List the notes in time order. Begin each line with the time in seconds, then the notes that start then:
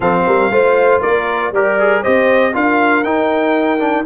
0.00 F3 C4 A4 F5
0.26 G3 A#4
0.50 A3 F4 C5
1.00 A#3 A#4 D5
1.51 G3 G4 A#4 D5
1.79 G#4
2.02 C4 G4 C5 D#5
2.53 D4 F4 A#4 F5
3.03 D#4 G5
3.79 D4